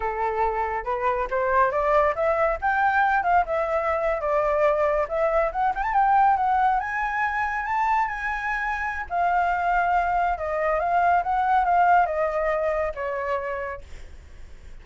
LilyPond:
\new Staff \with { instrumentName = "flute" } { \time 4/4 \tempo 4 = 139 a'2 b'4 c''4 | d''4 e''4 g''4. f''8 | e''4.~ e''16 d''2 e''16~ | e''8. fis''8 g''16 a''16 g''4 fis''4 gis''16~ |
gis''4.~ gis''16 a''4 gis''4~ gis''16~ | gis''4 f''2. | dis''4 f''4 fis''4 f''4 | dis''2 cis''2 | }